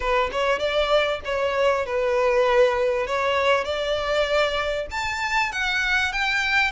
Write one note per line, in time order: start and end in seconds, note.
0.00 0.30 B4
0.31 0.59 C#5
0.59 1.20 D5
1.24 1.85 C#5
1.85 3.06 B4
3.06 3.64 C#5
3.64 4.86 D5
4.91 5.51 A5
5.51 6.12 F#5
6.12 6.71 G5